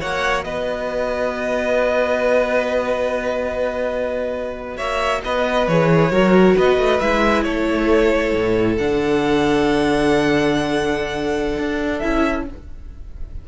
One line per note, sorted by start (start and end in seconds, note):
0.00 0.46 A#3
0.00 5.67 F#4
0.00 0.45 C#5
0.00 0.44 F#5
0.44 4.79 B3
0.44 4.77 B4
0.44 4.77 D#5
4.77 5.24 A#3
4.77 5.22 C#5
4.77 5.22 E5
5.24 5.67 B3
5.24 6.12 B4
5.24 5.68 D#5
5.67 6.11 E3
5.67 6.12 G#4
5.67 6.57 C#5
6.11 6.56 F#3
6.11 7.00 F#4
6.11 6.56 A#4
6.56 6.78 B3
6.56 7.45 B4
6.56 7.00 D#5
6.78 7.00 A3
7.00 7.45 G#3
7.00 8.79 E4
7.00 7.43 E5
7.43 8.34 A3
7.43 12.46 A4
7.43 8.77 C#5
8.34 8.79 A2
8.78 11.58 D3
8.78 12.01 D4
8.78 11.99 F#5
11.58 12.03 D4
11.99 12.49 C#4
11.99 12.47 E4
11.99 12.44 E5